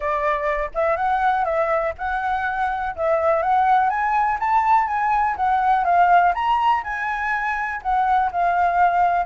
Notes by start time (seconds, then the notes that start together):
0.00 D5
0.74 E5
0.96 F#5
1.44 E5
1.98 F#5
2.95 E5
3.42 F#5
3.89 G#5
4.39 A5
4.87 G#5
5.36 F#5
5.84 F5
6.34 A#5
6.83 G#5
7.82 F#5
8.31 F5